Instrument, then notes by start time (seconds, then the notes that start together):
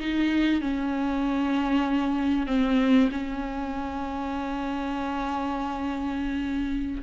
viola
0.00 D#4
0.61 C#4
2.47 C4
3.12 C#4